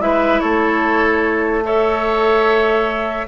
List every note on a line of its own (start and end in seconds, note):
0.00 0.41 G#3
0.00 1.64 E4
0.00 0.42 B4
0.00 0.40 E5
0.40 3.28 A3
0.40 1.64 A4
0.40 1.63 C#5
1.64 3.27 A4
1.64 3.28 C#5
1.64 3.28 E5